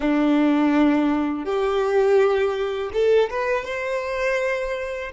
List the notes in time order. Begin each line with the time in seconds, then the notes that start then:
0.00 D4
1.44 G4
2.93 A4
3.30 B4
3.65 C5